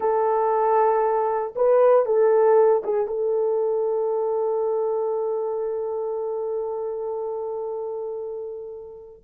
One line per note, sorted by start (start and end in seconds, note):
0.00 1.54 A4
1.55 2.05 B4
2.05 2.82 A4
2.84 3.07 G#4
3.07 9.22 A4